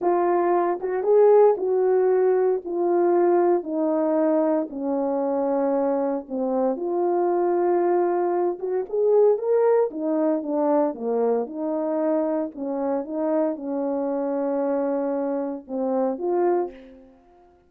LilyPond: \new Staff \with { instrumentName = "horn" } { \time 4/4 \tempo 4 = 115 f'4. fis'8 gis'4 fis'4~ | fis'4 f'2 dis'4~ | dis'4 cis'2. | c'4 f'2.~ |
f'8 fis'8 gis'4 ais'4 dis'4 | d'4 ais4 dis'2 | cis'4 dis'4 cis'2~ | cis'2 c'4 f'4 | }